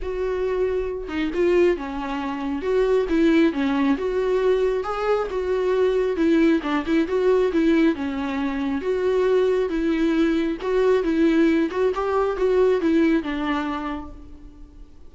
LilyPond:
\new Staff \with { instrumentName = "viola" } { \time 4/4 \tempo 4 = 136 fis'2~ fis'8 dis'8 f'4 | cis'2 fis'4 e'4 | cis'4 fis'2 gis'4 | fis'2 e'4 d'8 e'8 |
fis'4 e'4 cis'2 | fis'2 e'2 | fis'4 e'4. fis'8 g'4 | fis'4 e'4 d'2 | }